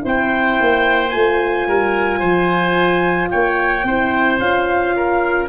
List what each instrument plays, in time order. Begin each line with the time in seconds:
0.00 tuba C4, horn E4, oboe C5
0.08 trumpet G5
0.61 tuba A#3
1.11 tuba A3, horn F4, trumpet G#5
1.68 tuba G3, oboe A#4
2.20 tuba F3, oboe C5
3.31 tuba A#3, oboe C#5, trumpet G5
3.84 tuba C4, horn E4, oboe C5
4.39 tuba C#4, horn F4, trumpet F5
4.97 oboe A#4